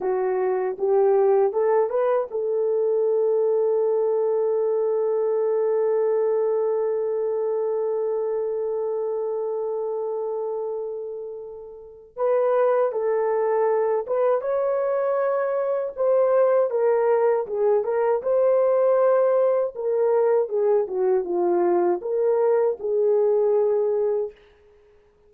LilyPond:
\new Staff \with { instrumentName = "horn" } { \time 4/4 \tempo 4 = 79 fis'4 g'4 a'8 b'8 a'4~ | a'1~ | a'1~ | a'1 |
b'4 a'4. b'8 cis''4~ | cis''4 c''4 ais'4 gis'8 ais'8 | c''2 ais'4 gis'8 fis'8 | f'4 ais'4 gis'2 | }